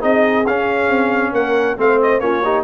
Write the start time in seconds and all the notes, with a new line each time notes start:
0.00 C4 D#4 G#4 D#5
0.47 C#4 F5
0.89 C4
1.32 A#3 A#4 F#5
1.77 A3 C4 C5 F5
2.03 D#5
2.20 A#3 C#4 F4 C#5
2.43 D#4 G4